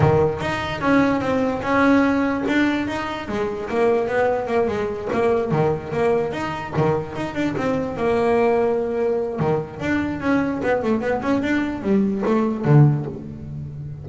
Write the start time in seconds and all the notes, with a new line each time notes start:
0.00 D#3
0.40 D#4
0.81 C#4
1.20 C4
1.62 C#4
2.48 D4
2.87 D#4
3.28 G#3
3.69 A#3
4.08 B3
4.47 A#3
4.67 G#3
5.12 A#3
5.51 D#3
5.92 A#3
6.32 D#4
6.76 D#3
7.15 D#4
7.34 D4
7.56 C4
7.96 A#3
9.39 D#3
9.80 D4
10.20 C#4
10.62 B3
10.83 A3
11.00 B3
11.22 C#4
11.42 D4
11.82 G3
12.25 A3
12.64 D3